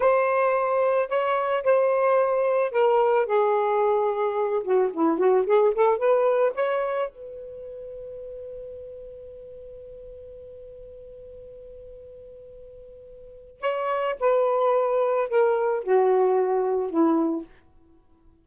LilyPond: \new Staff \with { instrumentName = "saxophone" } { \time 4/4 \tempo 4 = 110 c''2 cis''4 c''4~ | c''4 ais'4 gis'2~ | gis'8 fis'8 e'8 fis'8 gis'8 a'8 b'4 | cis''4 b'2.~ |
b'1~ | b'1~ | b'4 cis''4 b'2 | ais'4 fis'2 e'4 | }